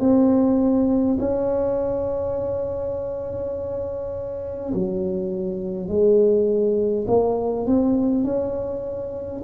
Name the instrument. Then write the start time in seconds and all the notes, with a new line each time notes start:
tuba
0.00 C4
1.19 C#4
4.74 F#3
5.88 G#3
7.07 A#3
7.66 C4
8.24 C#4